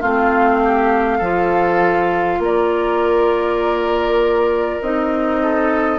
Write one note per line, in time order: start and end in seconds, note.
0.00 1.20 A3
0.00 1.22 C4
0.00 0.60 F4
0.00 2.42 F5
0.64 1.18 G4
1.18 2.39 F3
1.18 4.82 F4
1.18 2.38 A4
2.39 4.79 A#3
2.39 5.42 A#4
2.39 4.82 D5
4.81 5.99 C4
4.81 5.99 D#4
4.81 5.99 D#5
5.42 5.99 A4